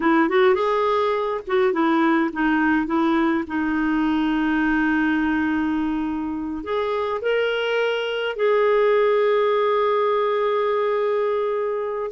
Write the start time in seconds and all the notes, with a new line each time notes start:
0.00 E4
0.29 F#4
0.54 G#4
1.47 F#4
1.73 E4
2.32 D#4
2.86 E4
3.47 D#4
6.63 G#4
7.21 A#4
8.36 G#4